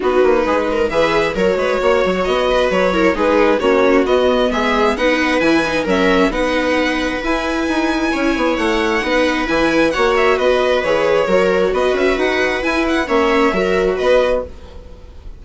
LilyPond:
<<
  \new Staff \with { instrumentName = "violin" } { \time 4/4 \tempo 4 = 133 b'2 e''4 cis''4~ | cis''4 dis''4 cis''4 b'4 | cis''4 dis''4 e''4 fis''4 | gis''4 e''4 fis''2 |
gis''2. fis''4~ | fis''4 gis''4 fis''8 e''8 dis''4 | cis''2 dis''8 e''8 fis''4 | gis''8 fis''8 e''2 dis''4 | }
  \new Staff \with { instrumentName = "viola" } { \time 4/4 fis'4 gis'8 ais'8 b'4 ais'8 b'8 | cis''4. b'4 ais'8 gis'4 | fis'2 gis'4 b'4~ | b'4 ais'4 b'2~ |
b'2 cis''2 | b'2 cis''4 b'4~ | b'4 ais'4 b'2~ | b'4 cis''4 ais'4 b'4 | }
  \new Staff \with { instrumentName = "viola" } { \time 4/4 dis'2 gis'4 fis'4~ | fis'2~ fis'8 e'8 dis'4 | cis'4 b2 dis'4 | e'8 dis'8 cis'4 dis'2 |
e'1 | dis'4 e'4 fis'2 | gis'4 fis'2. | e'4 cis'4 fis'2 | }
  \new Staff \with { instrumentName = "bassoon" } { \time 4/4 b8 ais8 gis4 e4 fis8 gis8 | ais8 fis8 b4 fis4 gis4 | ais4 b4 gis4 b4 | e4 fis4 b2 |
e'4 dis'4 cis'8 b8 a4 | b4 e4 ais4 b4 | e4 fis4 b8 cis'8 dis'4 | e'4 ais4 fis4 b4 | }
>>